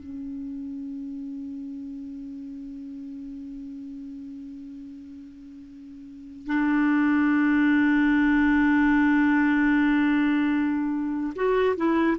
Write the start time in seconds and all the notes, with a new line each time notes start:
0.00 C#4
6.46 D4
11.35 F#4
11.76 E4